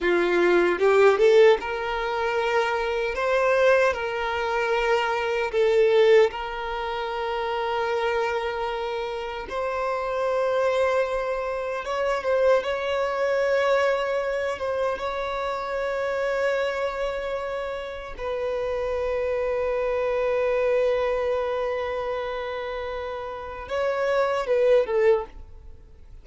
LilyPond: \new Staff \with { instrumentName = "violin" } { \time 4/4 \tempo 4 = 76 f'4 g'8 a'8 ais'2 | c''4 ais'2 a'4 | ais'1 | c''2. cis''8 c''8 |
cis''2~ cis''8 c''8 cis''4~ | cis''2. b'4~ | b'1~ | b'2 cis''4 b'8 a'8 | }